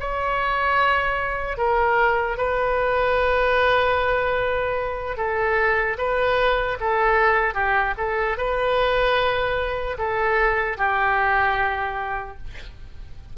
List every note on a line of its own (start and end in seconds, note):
0.00 1.57 C#5
1.57 2.37 A#4
2.37 5.17 B4
5.17 5.97 A4
5.98 6.78 B4
6.80 7.54 A4
7.54 7.94 G4
7.97 8.37 A4
8.37 9.97 B4
9.98 10.77 A4
10.77 12.37 G4